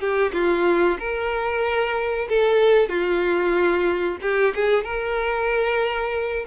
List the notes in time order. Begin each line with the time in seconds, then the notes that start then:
0.00 G4
0.33 F4
0.99 A#4
2.29 A4
2.89 F4
4.22 G4
4.55 G#4
4.84 A#4